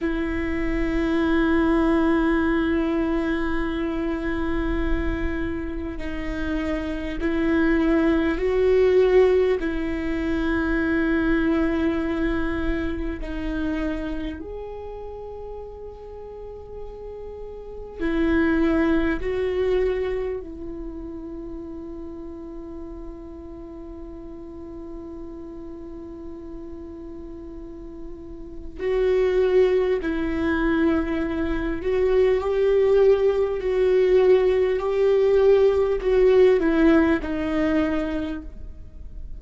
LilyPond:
\new Staff \with { instrumentName = "viola" } { \time 4/4 \tempo 4 = 50 e'1~ | e'4 dis'4 e'4 fis'4 | e'2. dis'4 | gis'2. e'4 |
fis'4 e'2.~ | e'1 | fis'4 e'4. fis'8 g'4 | fis'4 g'4 fis'8 e'8 dis'4 | }